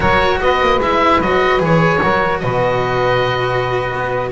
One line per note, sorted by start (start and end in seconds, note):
0.00 0.39 F#3
0.00 0.80 F#4
0.00 0.40 A#4
0.00 0.39 C#5
0.40 0.61 B3
0.40 2.01 B4
0.40 0.81 D#5
0.61 0.78 A#3
0.78 1.18 G#3
0.78 1.22 E4
0.78 1.21 E5
1.20 1.60 F#3
1.20 1.58 F#4
1.20 1.61 D#5
1.58 2.00 E3
1.58 1.98 G#4
1.58 2.39 C#5
2.01 2.43 F#3
2.01 4.31 F#4
2.01 2.41 A#4
2.39 3.93 B2
2.39 4.31 B4
2.39 4.30 D#5
3.93 4.31 B3